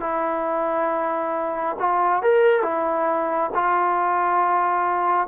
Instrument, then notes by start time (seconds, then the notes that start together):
trombone
0.00 E4
1.79 F4
2.22 A#4
2.62 E4
3.55 F4